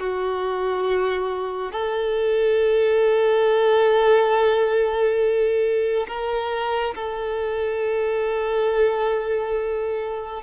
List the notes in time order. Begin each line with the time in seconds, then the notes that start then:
0.00 F#4
1.72 A4
6.08 A#4
6.95 A4